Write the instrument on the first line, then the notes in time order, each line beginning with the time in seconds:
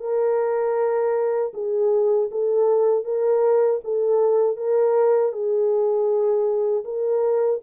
horn
0.00 A#4
1.54 G#4
2.32 A4
3.04 A#4
3.84 A4
4.57 A#4
5.32 G#4
6.85 A#4